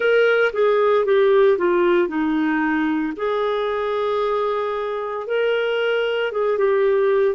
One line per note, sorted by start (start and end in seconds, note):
0.00 0.52 A#4
0.53 1.05 G#4
1.05 1.57 G4
1.58 2.08 F4
2.08 3.13 D#4
3.16 5.26 G#4
5.26 6.32 A#4
6.32 6.57 G#4
6.57 7.35 G4